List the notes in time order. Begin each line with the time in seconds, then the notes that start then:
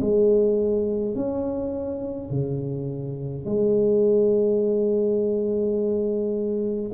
0.00 G#3
1.15 C#4
2.30 C#3
3.45 G#3